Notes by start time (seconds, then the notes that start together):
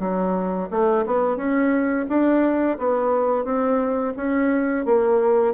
0.00 F#3
0.71 A3
1.07 B3
1.37 C#4
2.09 D4
2.79 B3
3.45 C4
4.17 C#4
4.86 A#3